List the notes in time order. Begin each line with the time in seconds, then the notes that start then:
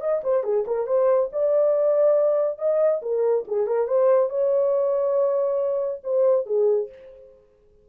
0.00 D#5
0.23 C5
0.43 G#4
0.66 A#4
0.87 C5
1.32 D5
2.58 D#5
3.02 A#4
3.47 G#4
3.67 A#4
3.88 C5
4.30 C#5
6.03 C5
6.46 G#4